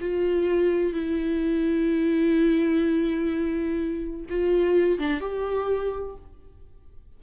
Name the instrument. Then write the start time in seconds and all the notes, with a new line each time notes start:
viola
0.00 F4
0.93 E4
4.29 F4
4.98 D4
5.20 G4